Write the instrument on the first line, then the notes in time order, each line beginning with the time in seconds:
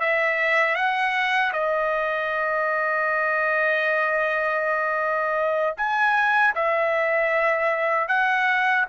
trumpet
0.00 E5
0.75 F#5
1.53 D#5
5.77 G#5
6.55 E5
8.08 F#5